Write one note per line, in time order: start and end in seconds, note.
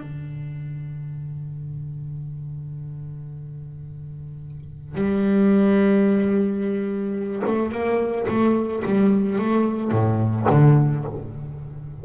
0.00 4.95 D3
4.95 7.42 G3
7.46 7.71 A3
7.71 8.26 A#3
8.28 8.83 A3
8.85 9.38 G3
9.38 9.91 A3
9.91 10.46 A2
10.50 11.05 D3